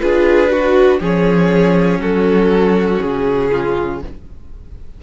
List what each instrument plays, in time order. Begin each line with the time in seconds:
0.00 cello D4, viola F4, violin G#4 B4
0.48 viola F#4, violin F#4
1.01 cello F3, viola C#4, violin G#4 C#5
1.99 cello F#3, violin F#4 A4
3.01 cello C#3, violin G#4
3.52 violin F4